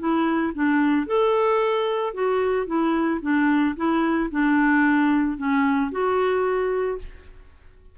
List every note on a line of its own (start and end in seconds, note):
0.00 0.54 E4
0.55 1.07 D4
1.07 2.14 A4
2.15 2.67 F#4
2.67 3.21 E4
3.22 3.76 D4
3.77 4.30 E4
4.31 5.38 D4
5.38 5.91 C#4
5.92 6.99 F#4